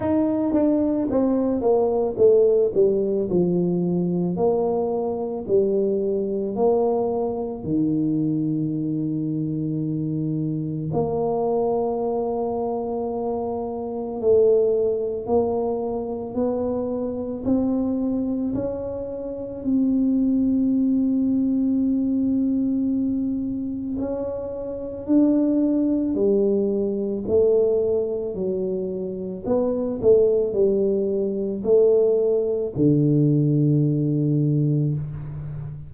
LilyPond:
\new Staff \with { instrumentName = "tuba" } { \time 4/4 \tempo 4 = 55 dis'8 d'8 c'8 ais8 a8 g8 f4 | ais4 g4 ais4 dis4~ | dis2 ais2~ | ais4 a4 ais4 b4 |
c'4 cis'4 c'2~ | c'2 cis'4 d'4 | g4 a4 fis4 b8 a8 | g4 a4 d2 | }